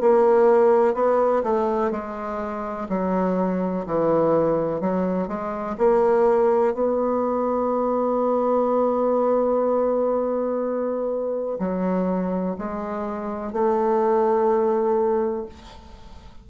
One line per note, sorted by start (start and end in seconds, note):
0.00 0.94 A#3
0.94 1.43 B3
1.43 1.90 A3
1.90 2.87 G#3
2.89 3.85 F#3
3.86 4.80 E3
4.80 5.27 F#3
5.27 5.76 G#3
5.78 6.73 A#3
6.73 11.57 B3
11.59 12.55 F#3
12.58 13.52 G#3
13.52 15.46 A3